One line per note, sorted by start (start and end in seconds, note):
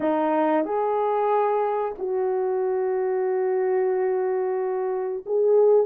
0.00 0.65 D#4
0.65 1.95 G#4
1.98 5.24 F#4
5.25 5.86 G#4